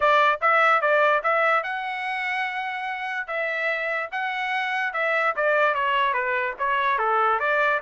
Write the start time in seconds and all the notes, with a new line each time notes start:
0.00 D5
0.41 E5
0.81 D5
1.23 E5
1.63 F#5
3.27 E5
4.11 F#5
4.93 E5
5.36 D5
5.74 C#5
6.13 B4
6.58 C#5
6.98 A4
7.39 D5